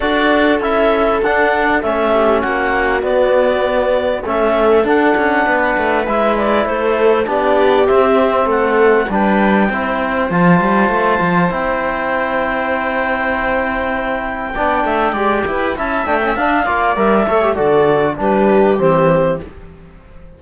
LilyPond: <<
  \new Staff \with { instrumentName = "clarinet" } { \time 4/4 \tempo 4 = 99 d''4 e''4 fis''4 e''4 | fis''4 d''2 e''4 | fis''2 e''8 d''8 c''4 | d''4 e''4 fis''4 g''4~ |
g''4 a''2 g''4~ | g''1~ | g''2 a''8 g''8 f''4 | e''4 d''4 b'4 c''4 | }
  \new Staff \with { instrumentName = "viola" } { \time 4/4 a'2.~ a'8 g'8 | fis'2. a'4~ | a'4 b'2 a'4 | g'2 a'4 b'4 |
c''1~ | c''1 | d''8 e''8 d''8 b'8 e''4. d''8~ | d''8 cis''8 a'4 g'2 | }
  \new Staff \with { instrumentName = "trombone" } { \time 4/4 fis'4 e'4 d'4 cis'4~ | cis'4 b2 cis'4 | d'2 e'2 | d'4 c'2 d'4 |
e'4 f'2 e'4~ | e'1 | d'4 g'4 e'8 d'16 cis'16 d'8 f'8 | ais'8 a'16 g'16 fis'4 d'4 c'4 | }
  \new Staff \with { instrumentName = "cello" } { \time 4/4 d'4 cis'4 d'4 a4 | ais4 b2 a4 | d'8 cis'8 b8 a8 gis4 a4 | b4 c'4 a4 g4 |
c'4 f8 g8 a8 f8 c'4~ | c'1 | b8 a8 gis8 e'8 cis'8 a8 d'8 ais8 | g8 a8 d4 g4 e4 | }
>>